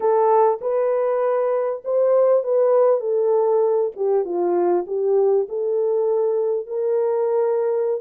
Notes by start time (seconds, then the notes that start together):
0.00 A4
0.61 B4
1.84 C5
2.43 B4
3.00 A4
3.96 G4
4.24 F4
4.86 G4
5.48 A4
6.67 A#4